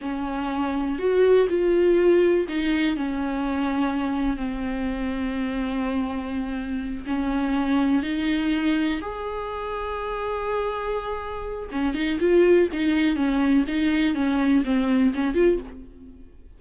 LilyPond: \new Staff \with { instrumentName = "viola" } { \time 4/4 \tempo 4 = 123 cis'2 fis'4 f'4~ | f'4 dis'4 cis'2~ | cis'4 c'2.~ | c'2~ c'8 cis'4.~ |
cis'8 dis'2 gis'4.~ | gis'1 | cis'8 dis'8 f'4 dis'4 cis'4 | dis'4 cis'4 c'4 cis'8 f'8 | }